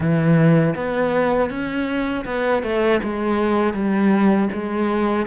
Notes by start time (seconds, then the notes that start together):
0.00 E3
0.75 B3
1.50 C#4
2.25 B3
2.62 A3
3.03 G#3
3.73 G3
4.52 G#3